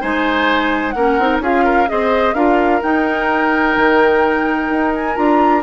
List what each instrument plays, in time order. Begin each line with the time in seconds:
0.00 bassoon G#3, clarinet D#4, oboe C5, flute G#5
0.91 bassoon A#3, oboe A#4, flute F#5
0.98 clarinet C#4
1.18 bassoon C4, clarinet D#4
1.40 bassoon C#4, clarinet F4, oboe G#4, flute F5
1.64 oboe A#4
1.87 bassoon C4, clarinet G#4, oboe C5, flute D#5
2.34 bassoon D4, clarinet F4, oboe A#4, flute F5
2.82 clarinet D#4, bassoon D#4, flute G5
3.76 bassoon D#3
4.69 bassoon D#4
4.94 flute G#5
5.15 bassoon D4, clarinet F4, flute A#5